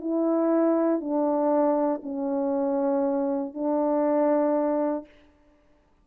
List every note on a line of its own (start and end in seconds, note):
0.00 1.00 E4
1.00 2.01 D4
2.03 3.54 C#4
3.54 5.05 D4